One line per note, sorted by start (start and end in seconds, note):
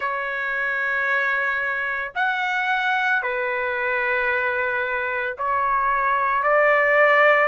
0.00 2.12 C#5
2.15 3.22 F#5
3.22 5.36 B4
5.38 6.43 C#5
6.43 7.48 D5